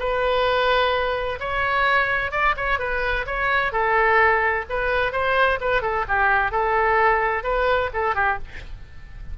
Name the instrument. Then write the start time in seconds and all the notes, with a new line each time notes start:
oboe
0.00 B4
1.40 C#5
2.32 D5
2.57 C#5
2.80 B4
3.27 C#5
3.73 A4
4.70 B4
5.13 C5
5.61 B4
5.82 A4
6.08 G4
6.52 A4
7.44 B4
7.94 A4
8.15 G4